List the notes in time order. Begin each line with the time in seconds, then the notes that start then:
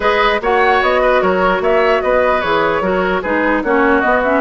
0.00 G#3 G#4 B4 D#5
0.40 A#3 F#4 C#5 F#5
0.81 B3 D#5
1.01 B4
1.21 F#3 A#4 C#5
1.59 A#3 C#5 E5
2.01 B3 B4 D#5
2.40 E3 G#4 C#5
2.81 F#3 F#4 A#4
3.22 G#3 D#4 G#4 B4
3.63 A#3 C#4 F#4 C#5
4.00 B3 D#5
4.23 C#4 E5